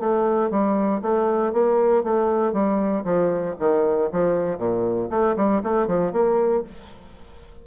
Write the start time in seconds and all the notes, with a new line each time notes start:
0.00 A3
0.51 G3
1.02 A3
1.53 A#3
2.04 A3
2.53 G3
3.04 F3
3.59 D#3
4.12 F3
4.59 A#2
5.10 A3
5.37 G3
5.63 A3
5.87 F3
6.13 A#3